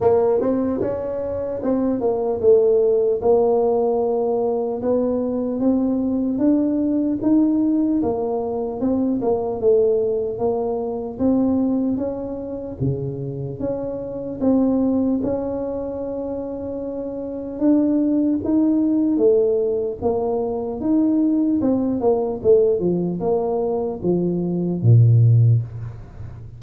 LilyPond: \new Staff \with { instrumentName = "tuba" } { \time 4/4 \tempo 4 = 75 ais8 c'8 cis'4 c'8 ais8 a4 | ais2 b4 c'4 | d'4 dis'4 ais4 c'8 ais8 | a4 ais4 c'4 cis'4 |
cis4 cis'4 c'4 cis'4~ | cis'2 d'4 dis'4 | a4 ais4 dis'4 c'8 ais8 | a8 f8 ais4 f4 ais,4 | }